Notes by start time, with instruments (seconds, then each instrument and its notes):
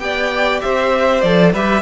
0.00 cello B3, viola G4, violin D5 G5
0.61 cello C4, violin C5 E5
1.21 cello F3, viola A4, violin D5
1.52 cello G3, viola G4, violin B4 E5